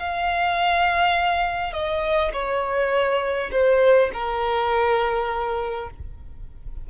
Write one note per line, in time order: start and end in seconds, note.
0.00 1.74 F5
1.74 2.33 D#5
2.34 3.51 C#5
3.52 4.11 C5
4.14 5.90 A#4